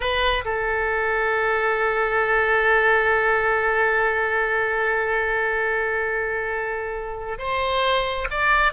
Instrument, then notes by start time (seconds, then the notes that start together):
oboe
0.00 B4
0.45 A4
7.38 C5
8.30 D5